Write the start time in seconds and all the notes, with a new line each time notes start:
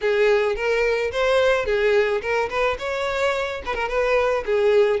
0.01 G#4
0.55 A#4
1.11 C5
1.65 G#4
2.21 A#4
2.49 B4
2.78 C#5
3.65 B4
3.74 A#4
3.88 B4
4.45 G#4